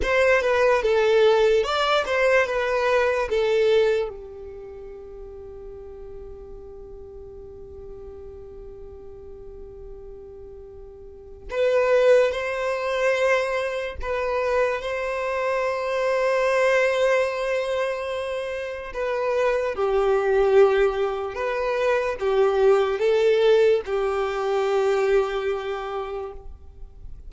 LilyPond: \new Staff \with { instrumentName = "violin" } { \time 4/4 \tempo 4 = 73 c''8 b'8 a'4 d''8 c''8 b'4 | a'4 g'2.~ | g'1~ | g'2 b'4 c''4~ |
c''4 b'4 c''2~ | c''2. b'4 | g'2 b'4 g'4 | a'4 g'2. | }